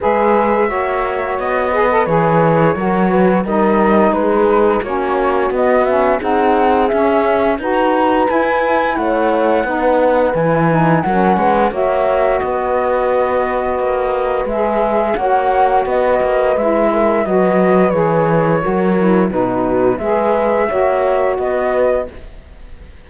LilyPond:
<<
  \new Staff \with { instrumentName = "flute" } { \time 4/4 \tempo 4 = 87 e''2 dis''4 cis''4~ | cis''4 dis''4 b'4 cis''4 | dis''8 e''8 fis''4 e''4 ais''4 | gis''4 fis''2 gis''4 |
fis''4 e''4 dis''2~ | dis''4 e''4 fis''4 dis''4 | e''4 dis''4 cis''2 | b'4 e''2 dis''4 | }
  \new Staff \with { instrumentName = "horn" } { \time 4/4 b'4 cis''4. b'4. | ais'8 b'8 ais'4 gis'4 fis'4~ | fis'4 gis'2 b'4~ | b'4 cis''4 b'2 |
ais'8 b'8 cis''4 b'2~ | b'2 cis''4 b'4~ | b'8 ais'8 b'2 ais'4 | fis'4 b'4 cis''4 b'4 | }
  \new Staff \with { instrumentName = "saxophone" } { \time 4/4 gis'4 fis'4. gis'16 a'16 gis'4 | fis'4 dis'2 cis'4 | b8 cis'8 dis'4 cis'4 fis'4 | e'2 dis'4 e'8 dis'8 |
cis'4 fis'2.~ | fis'4 gis'4 fis'2 | e'4 fis'4 gis'4 fis'8 e'8 | dis'4 gis'4 fis'2 | }
  \new Staff \with { instrumentName = "cello" } { \time 4/4 gis4 ais4 b4 e4 | fis4 g4 gis4 ais4 | b4 c'4 cis'4 dis'4 | e'4 a4 b4 e4 |
fis8 gis8 ais4 b2 | ais4 gis4 ais4 b8 ais8 | gis4 fis4 e4 fis4 | b,4 gis4 ais4 b4 | }
>>